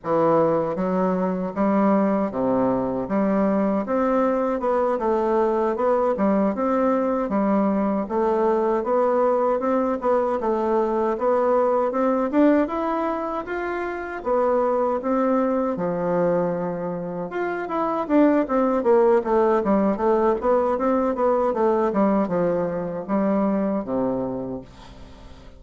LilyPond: \new Staff \with { instrumentName = "bassoon" } { \time 4/4 \tempo 4 = 78 e4 fis4 g4 c4 | g4 c'4 b8 a4 b8 | g8 c'4 g4 a4 b8~ | b8 c'8 b8 a4 b4 c'8 |
d'8 e'4 f'4 b4 c'8~ | c'8 f2 f'8 e'8 d'8 | c'8 ais8 a8 g8 a8 b8 c'8 b8 | a8 g8 f4 g4 c4 | }